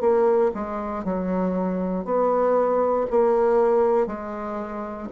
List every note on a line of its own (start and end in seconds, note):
0.00 0.51 A#3
0.54 1.04 G#3
1.04 2.05 F#3
2.05 3.06 B3
3.10 4.06 A#3
4.06 5.08 G#3